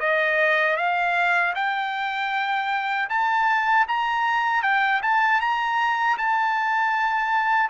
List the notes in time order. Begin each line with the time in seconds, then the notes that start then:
0.00 D#5
0.77 F5
1.55 G5
3.10 A5
3.88 A#5
4.63 G5
5.02 A5
5.41 A#5
6.18 A5